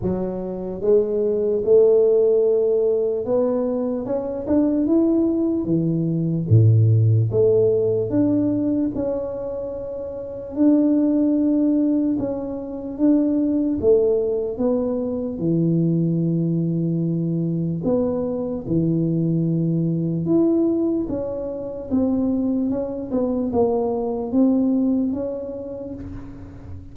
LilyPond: \new Staff \with { instrumentName = "tuba" } { \time 4/4 \tempo 4 = 74 fis4 gis4 a2 | b4 cis'8 d'8 e'4 e4 | a,4 a4 d'4 cis'4~ | cis'4 d'2 cis'4 |
d'4 a4 b4 e4~ | e2 b4 e4~ | e4 e'4 cis'4 c'4 | cis'8 b8 ais4 c'4 cis'4 | }